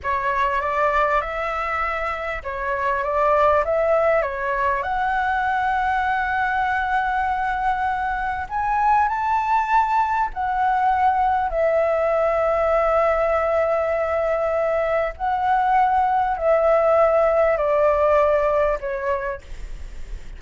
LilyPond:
\new Staff \with { instrumentName = "flute" } { \time 4/4 \tempo 4 = 99 cis''4 d''4 e''2 | cis''4 d''4 e''4 cis''4 | fis''1~ | fis''2 gis''4 a''4~ |
a''4 fis''2 e''4~ | e''1~ | e''4 fis''2 e''4~ | e''4 d''2 cis''4 | }